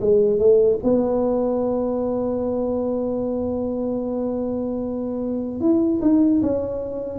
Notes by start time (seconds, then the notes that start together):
0.00 G#3
0.39 A3
0.83 B3
5.60 E4
6.01 D#4
6.42 C#4